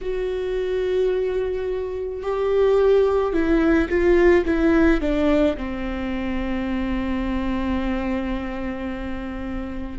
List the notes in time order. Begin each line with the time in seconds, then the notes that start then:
0.01 F#4
2.22 G4
3.33 E4
3.89 F4
4.45 E4
5.01 D4
5.56 C4